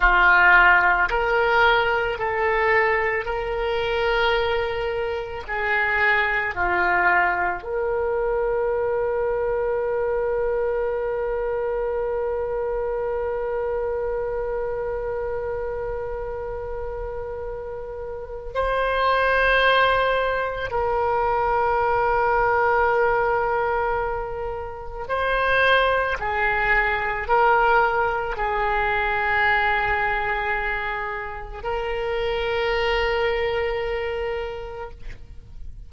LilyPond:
\new Staff \with { instrumentName = "oboe" } { \time 4/4 \tempo 4 = 55 f'4 ais'4 a'4 ais'4~ | ais'4 gis'4 f'4 ais'4~ | ais'1~ | ais'1~ |
ais'4 c''2 ais'4~ | ais'2. c''4 | gis'4 ais'4 gis'2~ | gis'4 ais'2. | }